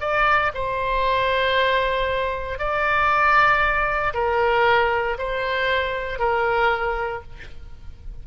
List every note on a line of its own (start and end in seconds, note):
0.00 0.52 D5
0.54 2.58 C5
2.58 4.13 D5
4.14 5.17 A#4
5.18 6.19 C5
6.19 7.22 A#4